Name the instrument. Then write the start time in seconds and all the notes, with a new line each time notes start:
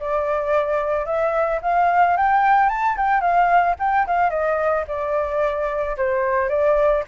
flute
0.00 D5
1.06 E5
1.62 F5
2.17 G5
2.70 A5
2.97 G5
3.21 F5
3.79 G5
4.07 F5
4.30 D#5
4.88 D5
5.98 C5
6.49 D5